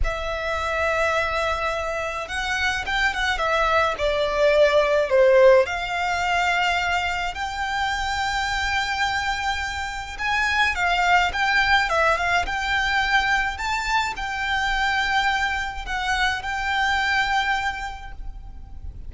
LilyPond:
\new Staff \with { instrumentName = "violin" } { \time 4/4 \tempo 4 = 106 e''1 | fis''4 g''8 fis''8 e''4 d''4~ | d''4 c''4 f''2~ | f''4 g''2.~ |
g''2 gis''4 f''4 | g''4 e''8 f''8 g''2 | a''4 g''2. | fis''4 g''2. | }